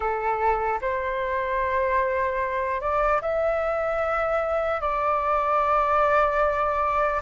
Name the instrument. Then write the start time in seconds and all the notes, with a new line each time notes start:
flute
0.00 A4
0.81 C5
2.80 D5
3.21 E5
4.80 D5